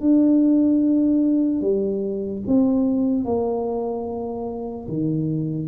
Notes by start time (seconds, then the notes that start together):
0.00 D4
1.61 G3
2.47 C4
3.25 A#3
4.88 D#3